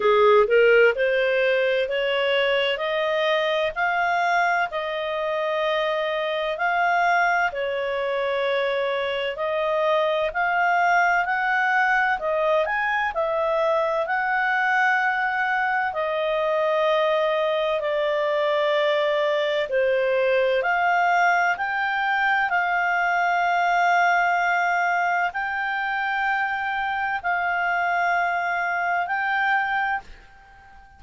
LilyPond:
\new Staff \with { instrumentName = "clarinet" } { \time 4/4 \tempo 4 = 64 gis'8 ais'8 c''4 cis''4 dis''4 | f''4 dis''2 f''4 | cis''2 dis''4 f''4 | fis''4 dis''8 gis''8 e''4 fis''4~ |
fis''4 dis''2 d''4~ | d''4 c''4 f''4 g''4 | f''2. g''4~ | g''4 f''2 g''4 | }